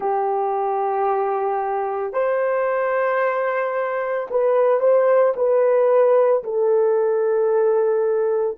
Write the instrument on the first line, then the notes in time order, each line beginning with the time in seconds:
horn
0.00 G4
2.13 C5
4.30 B4
4.80 C5
5.36 B4
6.43 A4